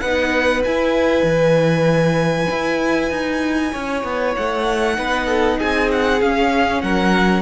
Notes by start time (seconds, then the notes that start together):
0.00 B3 D#4 B4 F#5
0.64 E4 G#5
1.23 E3
2.50 E4
3.10 D#4
3.72 C#4 C#5
4.03 B3
4.36 A3 F#5
4.95 B3 D#4 B4
5.26 A4
5.58 C4 G#4 G#5
5.91 F#5
6.21 C#4 F5
6.81 F#3 A#4 F#5